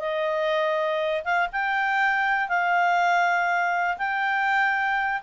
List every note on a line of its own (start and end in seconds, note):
0.00 1.24 D#5
1.25 1.49 F5
1.53 2.49 G5
2.49 3.98 F5
3.98 5.22 G5